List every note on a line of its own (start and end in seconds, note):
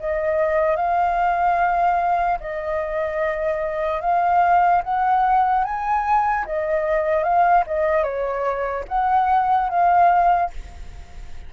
0.00 0.77 D#5
0.77 2.39 F5
2.40 4.01 D#5
4.01 4.82 F5
4.84 5.65 F#5
5.65 6.46 G#5
6.46 7.24 D#5
7.24 7.64 F5
7.67 8.03 D#5
8.03 8.85 C#5
8.89 9.70 F#5
9.70 10.51 F5